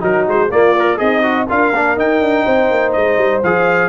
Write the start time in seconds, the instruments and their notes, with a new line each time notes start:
0.00 tuba F#3, trombone D#4, horn F#4, trumpet A#4
0.27 tuba G#3, trumpet C5
0.49 tuba A#3, trombone A#3, horn F4, trumpet D5
0.79 trombone A#4
0.97 tuba C4, horn D#4, trombone G#4, trumpet D#5
1.22 trombone F#4
1.47 tuba D4, trombone F4, horn A#4, trumpet F5
1.72 tuba A#3, trombone D4
1.96 tuba D#4, trombone D#4, trumpet G5
2.21 tuba D4
2.44 tuba C4, horn C5
2.70 tuba A#3
2.92 tuba G#3, trumpet D#5
3.17 tuba G3
3.43 tuba F3, trombone G#4, trumpet F5